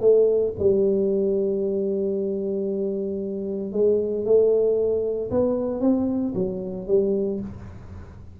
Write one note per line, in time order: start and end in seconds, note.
0.00 0.53 A3
0.59 3.72 G3
3.72 4.25 G#3
4.25 5.30 A3
5.30 5.80 B3
5.80 6.33 C4
6.34 6.87 F#3
6.87 7.40 G3